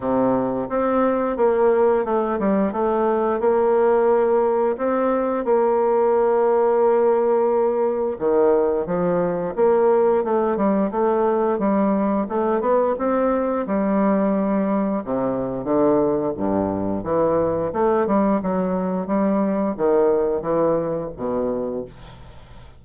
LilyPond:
\new Staff \with { instrumentName = "bassoon" } { \time 4/4 \tempo 4 = 88 c4 c'4 ais4 a8 g8 | a4 ais2 c'4 | ais1 | dis4 f4 ais4 a8 g8 |
a4 g4 a8 b8 c'4 | g2 c4 d4 | g,4 e4 a8 g8 fis4 | g4 dis4 e4 b,4 | }